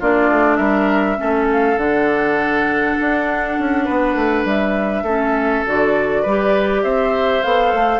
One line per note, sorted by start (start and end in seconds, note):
0.00 0.30 A#3
0.00 1.17 D4
0.00 0.58 F4
0.00 0.56 D5
0.30 0.58 A3
0.56 1.18 G3
0.56 1.17 A#4
0.56 1.46 E5
1.17 1.77 A3
1.17 1.76 C#4
1.17 3.85 A4
1.52 1.78 F5
1.77 2.96 D3
1.77 5.06 D4
1.77 4.46 F#5
3.00 3.59 D4
3.59 3.88 C#4
3.85 4.15 B3
3.85 5.03 B4
4.15 4.45 A3
4.45 5.03 G3
4.45 5.65 E5
5.03 5.63 A3
5.03 5.66 C#4
5.03 6.22 A4
5.66 6.25 D3
5.66 6.25 F#4
5.66 6.83 D5
6.22 6.84 G3
6.22 7.44 G4
6.22 6.82 B4
6.83 7.43 C4
6.83 8.00 C5
6.83 7.43 E5
7.43 7.73 B3
7.43 8.00 A4
7.43 8.00 F5
7.73 8.00 A3